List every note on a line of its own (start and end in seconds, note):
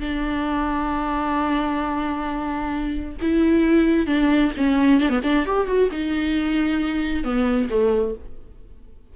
0.00 3.16 D4
3.21 4.06 E4
4.06 4.51 D4
4.57 5.00 C#4
5.00 5.09 D4
5.09 5.20 B3
5.23 5.45 D4
5.45 5.67 G4
5.67 5.89 F#4
5.91 7.23 D#4
7.23 7.68 B3
7.70 8.15 A3